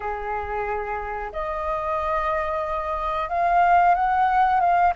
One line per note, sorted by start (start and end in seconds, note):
0.00 1.31 G#4
1.32 3.29 D#5
3.29 3.94 F5
3.94 4.60 F#5
4.60 4.93 F5